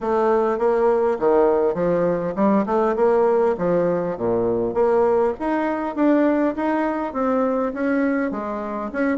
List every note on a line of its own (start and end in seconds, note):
0.01 0.58 A3
0.58 1.17 A#3
1.19 1.74 D#3
1.74 2.34 F3
2.35 2.65 G3
2.66 2.95 A3
2.96 3.55 A#3
3.58 4.17 F3
4.17 4.74 A#2
4.74 5.33 A#3
5.39 5.95 D#4
5.95 6.55 D4
6.56 7.13 D#4
7.13 7.72 C4
7.73 8.31 C#4
8.31 8.90 G#3
8.92 9.17 C#4